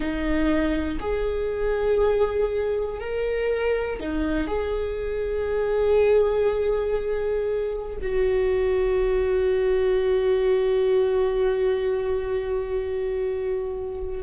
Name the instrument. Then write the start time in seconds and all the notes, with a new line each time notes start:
viola
0.00 D#4
1.00 G#4
3.00 A#4
4.00 D#4
4.47 G#4
8.01 F#4